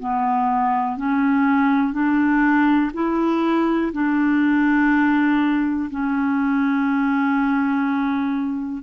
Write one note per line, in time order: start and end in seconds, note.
0.00 0.97 B3
0.97 1.94 C#4
1.94 2.92 D4
2.94 3.93 E4
3.93 5.90 D4
5.91 8.83 C#4